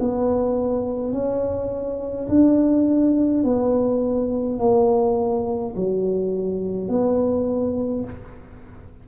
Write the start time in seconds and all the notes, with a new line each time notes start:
0.00 B3
1.12 C#4
2.28 D4
3.44 B3
4.59 A#3
5.76 F#3
6.89 B3